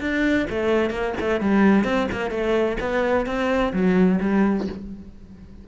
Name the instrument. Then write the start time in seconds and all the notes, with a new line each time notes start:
cello
0.00 D4
0.49 A3
0.90 A#3
1.20 A3
1.41 G3
1.84 C4
2.12 A#3
2.30 A3
2.80 B3
3.26 C4
3.73 F#3
4.21 G3